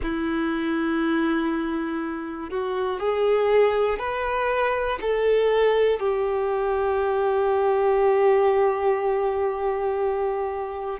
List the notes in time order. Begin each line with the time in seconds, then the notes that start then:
0.02 E4
2.50 F#4
3.00 G#4
3.98 B4
5.01 A4
6.00 G4